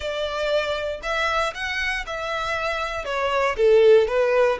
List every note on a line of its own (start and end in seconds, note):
0.00 1.00 D5
1.02 1.53 E5
1.54 2.05 F#5
2.06 3.05 E5
3.05 3.55 C#5
3.56 4.07 A4
4.07 4.58 B4